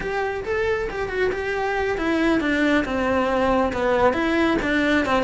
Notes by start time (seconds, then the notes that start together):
0.00 G4
0.44 A4
0.90 G4
1.08 F#4
1.32 G4
1.97 E4
2.40 D4
2.84 C4
3.72 B3
4.13 E4
4.62 D4
5.05 C4